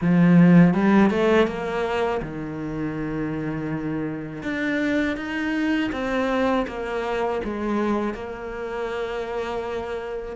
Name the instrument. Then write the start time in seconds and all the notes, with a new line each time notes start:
cello
0.01 F3
0.74 G3
1.10 A3
1.46 A#3
2.22 D#3
4.42 D4
5.16 D#4
5.92 C4
6.67 A#3
7.44 G#3
8.13 A#3